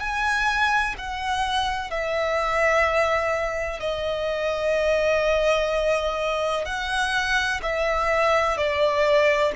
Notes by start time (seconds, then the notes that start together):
0.00 G#5
0.98 F#5
1.90 E5
3.80 D#5
6.65 F#5
7.62 E5
8.57 D5